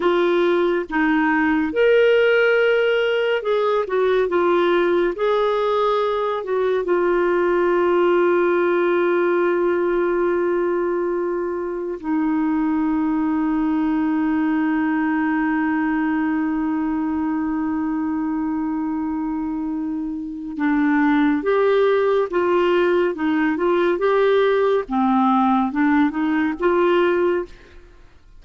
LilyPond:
\new Staff \with { instrumentName = "clarinet" } { \time 4/4 \tempo 4 = 70 f'4 dis'4 ais'2 | gis'8 fis'8 f'4 gis'4. fis'8 | f'1~ | f'2 dis'2~ |
dis'1~ | dis'1 | d'4 g'4 f'4 dis'8 f'8 | g'4 c'4 d'8 dis'8 f'4 | }